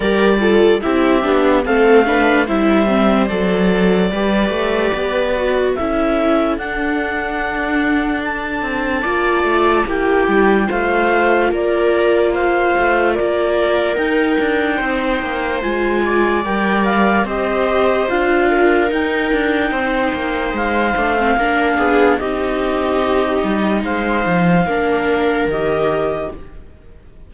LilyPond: <<
  \new Staff \with { instrumentName = "clarinet" } { \time 4/4 \tempo 4 = 73 d''4 e''4 f''4 e''4 | d''2. e''4 | fis''2 a''2 | g''4 f''4 d''4 f''4 |
d''4 g''2 gis''4 | g''8 f''8 dis''4 f''4 g''4~ | g''4 f''2 dis''4~ | dis''4 f''2 dis''4 | }
  \new Staff \with { instrumentName = "viola" } { \time 4/4 ais'8 a'8 g'4 a'8 b'8 c''4~ | c''4 b'2 a'4~ | a'2. d''4 | g'4 c''4 ais'4 c''4 |
ais'2 c''4. d''8~ | d''4 c''4. ais'4. | c''2 ais'8 gis'8 g'4~ | g'4 c''4 ais'2 | }
  \new Staff \with { instrumentName = "viola" } { \time 4/4 g'8 f'8 e'8 d'8 c'8 d'8 e'8 c'8 | a'4 g'4. fis'8 e'4 | d'2. f'4 | e'4 f'2.~ |
f'4 dis'2 f'4 | ais'4 g'4 f'4 dis'4~ | dis'4. d'16 c'16 d'4 dis'4~ | dis'2 d'4 g'4 | }
  \new Staff \with { instrumentName = "cello" } { \time 4/4 g4 c'8 b8 a4 g4 | fis4 g8 a8 b4 cis'4 | d'2~ d'8 c'8 ais8 a8 | ais8 g8 a4 ais4. a8 |
ais4 dis'8 d'8 c'8 ais8 gis4 | g4 c'4 d'4 dis'8 d'8 | c'8 ais8 gis8 a8 ais8 b8 c'4~ | c'8 g8 gis8 f8 ais4 dis4 | }
>>